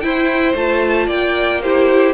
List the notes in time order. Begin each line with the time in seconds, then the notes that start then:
0.00 E4 C5 G5
0.54 A3 F4 A5
1.06 A#3 D5 G5
1.62 E4 G4 C5